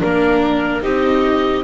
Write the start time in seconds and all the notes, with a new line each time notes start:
0.00 A#3 D4 A#4
0.82 C4 D#4 G4 D#5